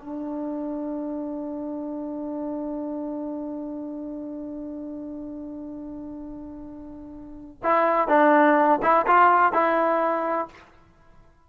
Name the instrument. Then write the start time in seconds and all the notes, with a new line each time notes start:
trombone
0.00 D4
7.63 E4
8.08 D4
8.82 E4
9.07 F4
9.53 E4